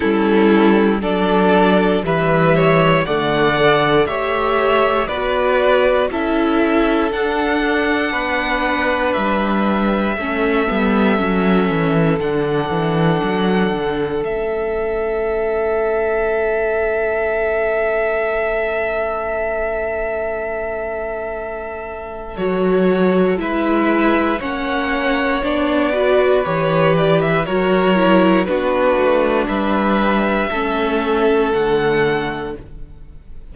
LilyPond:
<<
  \new Staff \with { instrumentName = "violin" } { \time 4/4 \tempo 4 = 59 a'4 d''4 e''4 fis''4 | e''4 d''4 e''4 fis''4~ | fis''4 e''2. | fis''2 e''2~ |
e''1~ | e''2 cis''4 e''4 | fis''4 d''4 cis''8 d''16 e''16 cis''4 | b'4 e''2 fis''4 | }
  \new Staff \with { instrumentName = "violin" } { \time 4/4 e'4 a'4 b'8 cis''8 d''4 | cis''4 b'4 a'2 | b'2 a'2~ | a'1~ |
a'1~ | a'2. b'4 | cis''4. b'4. ais'4 | fis'4 b'4 a'2 | }
  \new Staff \with { instrumentName = "viola" } { \time 4/4 cis'4 d'4 g4 a8 a'8 | g'4 fis'4 e'4 d'4~ | d'2 cis'8 b8 cis'4 | d'2 cis'2~ |
cis'1~ | cis'2 fis'4 e'4 | cis'4 d'8 fis'8 g'4 fis'8 e'8 | d'2 cis'4 a4 | }
  \new Staff \with { instrumentName = "cello" } { \time 4/4 g4 fis4 e4 d4 | a4 b4 cis'4 d'4 | b4 g4 a8 g8 fis8 e8 | d8 e8 fis8 d8 a2~ |
a1~ | a2 fis4 gis4 | ais4 b4 e4 fis4 | b8 a8 g4 a4 d4 | }
>>